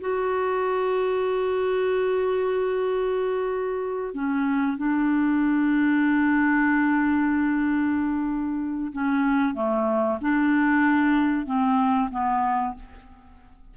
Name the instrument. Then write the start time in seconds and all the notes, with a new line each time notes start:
clarinet
0.00 F#4
4.13 C#4
4.77 D4
8.92 C#4
9.54 A3
10.21 D4
11.45 C4
12.10 B3